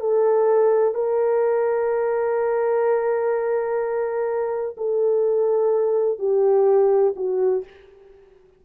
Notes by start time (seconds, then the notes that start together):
0.00 A4
0.94 A#4
4.77 A4
6.19 G4
7.16 F#4